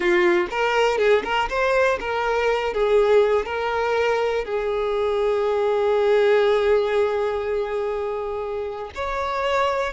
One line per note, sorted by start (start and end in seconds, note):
0.00 0.47 F4
0.50 0.98 A#4
0.98 1.22 G#4
1.24 1.49 A#4
1.49 1.98 C5
1.99 2.73 A#4
2.73 3.45 G#4
3.45 4.44 A#4
4.44 8.91 G#4
8.94 9.93 C#5